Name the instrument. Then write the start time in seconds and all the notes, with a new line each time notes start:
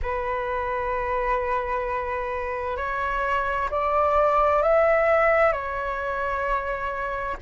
flute
0.02 B4
2.77 C#5
3.70 D5
4.62 E5
5.52 C#5